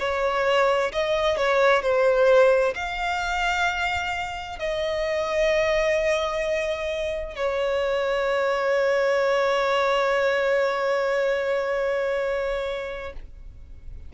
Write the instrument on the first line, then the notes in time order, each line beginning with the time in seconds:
violin
0.00 C#5
0.93 D#5
1.38 C#5
1.83 C5
2.76 F5
4.59 D#5
7.36 C#5